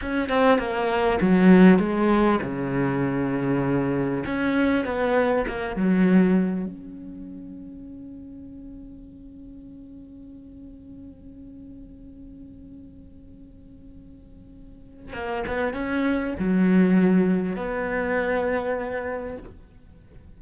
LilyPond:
\new Staff \with { instrumentName = "cello" } { \time 4/4 \tempo 4 = 99 cis'8 c'8 ais4 fis4 gis4 | cis2. cis'4 | b4 ais8 fis4. cis'4~ | cis'1~ |
cis'1~ | cis'1~ | cis'4 ais8 b8 cis'4 fis4~ | fis4 b2. | }